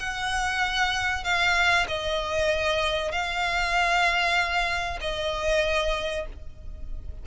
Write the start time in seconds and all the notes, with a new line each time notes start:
0.00 F#5
1.24 F5
1.88 D#5
3.12 F5
5.01 D#5